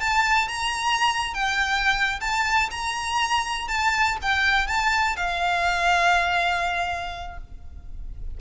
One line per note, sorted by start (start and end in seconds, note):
0.00 0.48 A5
0.48 1.34 A#5
1.34 2.20 G5
2.20 2.69 A5
2.71 3.68 A#5
3.68 4.17 A5
4.22 4.67 G5
4.67 5.16 A5
5.16 7.37 F5